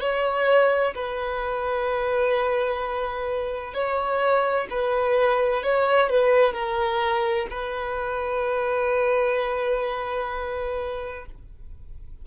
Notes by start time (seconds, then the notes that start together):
0.00 C#5
0.95 B4
3.73 C#5
4.70 B4
5.62 C#5
6.09 B4
6.53 A#4
7.50 B4